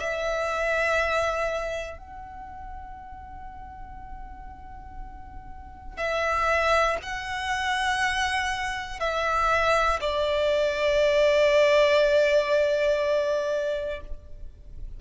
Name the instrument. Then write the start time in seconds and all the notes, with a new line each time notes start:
violin
0.00 E5
1.98 F#5
5.97 E5
7.03 F#5
9.00 E5
10.01 D5